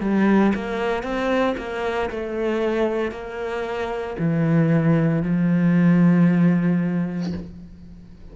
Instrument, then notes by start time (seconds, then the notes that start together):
cello
0.00 G3
0.54 A#3
1.02 C4
1.57 A#3
2.10 A3
3.11 A#3
4.18 E3
5.22 F3